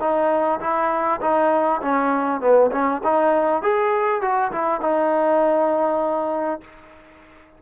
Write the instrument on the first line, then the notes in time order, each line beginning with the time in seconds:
trombone
0.00 D#4
0.61 E4
1.21 D#4
1.82 C#4
2.41 B3
2.72 C#4
3.04 D#4
3.62 G#4
4.22 F#4
4.52 E4
4.81 D#4